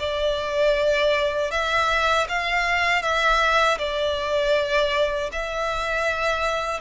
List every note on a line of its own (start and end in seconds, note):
0.00 1.51 D5
1.51 2.27 E5
2.29 3.02 F5
3.02 3.78 E5
3.79 5.31 D5
5.33 6.81 E5